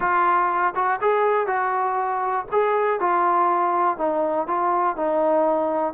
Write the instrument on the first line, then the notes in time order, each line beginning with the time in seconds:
trombone
0.00 F4
0.75 F#4
1.01 G#4
1.47 F#4
2.51 G#4
3.00 F4
3.97 D#4
4.47 F4
4.96 D#4